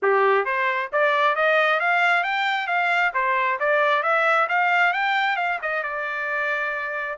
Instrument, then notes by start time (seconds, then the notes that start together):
trumpet
0.02 G4
0.45 C5
0.92 D5
1.35 D#5
1.80 F5
2.23 G5
2.67 F5
3.13 C5
3.59 D5
4.02 E5
4.48 F5
4.93 G5
5.36 F5
5.62 D#5
5.83 D5